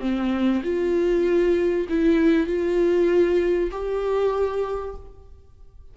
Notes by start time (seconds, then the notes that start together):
0.00 C4
0.63 F4
1.89 E4
2.47 F4
3.71 G4